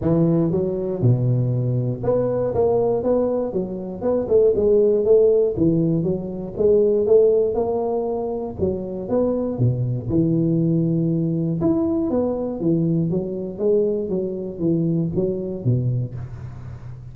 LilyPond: \new Staff \with { instrumentName = "tuba" } { \time 4/4 \tempo 4 = 119 e4 fis4 b,2 | b4 ais4 b4 fis4 | b8 a8 gis4 a4 e4 | fis4 gis4 a4 ais4~ |
ais4 fis4 b4 b,4 | e2. e'4 | b4 e4 fis4 gis4 | fis4 e4 fis4 b,4 | }